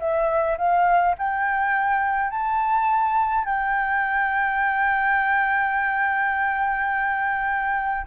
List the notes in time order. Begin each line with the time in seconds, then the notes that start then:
0.00 E5
0.58 F5
1.18 G5
2.31 A5
3.45 G5